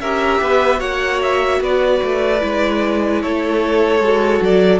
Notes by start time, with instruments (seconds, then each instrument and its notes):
0.00 cello C#4, viola G4, violin A#4 E5
0.41 cello B3, violin B4
0.78 cello A#3, viola F#4, violin C#5 F#5
1.22 violin E5
1.60 cello B3, violin B4 D5
2.03 cello A3
2.40 cello G#3, viola E4
3.22 cello A3, violin A4 C#5
4.00 cello G#3, viola F#4
4.41 cello F#3, violin D5